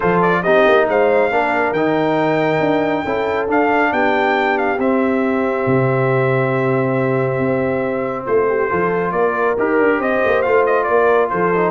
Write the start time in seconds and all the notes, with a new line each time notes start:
0.00 F3 F4 A4 C5
0.22 D5
0.42 C4 D#4 G4 D#5
0.68 A#3
0.88 G#3 C5 F5
1.30 A#3 D4 A#4
1.72 D#3 D#4 G5
2.60 D4
3.04 C#4 E4 A4
3.47 D4 F5
3.92 B3 G4 G5
4.58 F5
4.78 C4 E5
5.66 C3
7.39 C4
8.25 A3 F4 C5
8.48 G4
8.69 F3 F4 A4
9.11 A#3 A#4 D5
9.58 D#4 G4 A#4
9.78 D4
9.98 C4 C5 D#5
10.25 A#3
10.42 A3 F4 F5
10.66 D#5
10.83 A#3 A#4 D5
11.30 F3 A4 C5
11.54 D#4